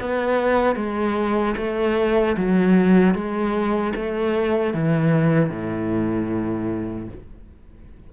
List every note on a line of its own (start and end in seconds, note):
0.00 0.76 B3
0.76 1.55 G#3
1.57 2.36 A3
2.37 3.15 F#3
3.15 3.94 G#3
3.96 4.74 A3
4.74 5.50 E3
5.50 7.08 A2